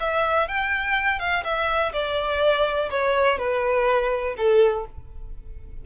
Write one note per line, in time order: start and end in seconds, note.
0.00 0.48 E5
0.48 1.19 G5
1.19 1.44 F5
1.44 1.92 E5
1.93 2.89 D5
2.90 3.38 C#5
3.38 4.35 B4
4.37 4.86 A4